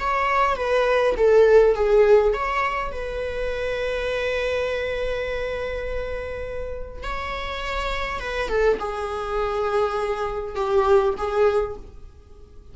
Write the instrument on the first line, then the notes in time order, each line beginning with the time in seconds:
viola
0.00 C#5
0.56 B4
1.17 A4
1.75 G#4
2.33 C#5
2.92 B4
7.03 C#5
8.20 B4
8.49 A4
8.79 G#4
10.55 G4
11.17 G#4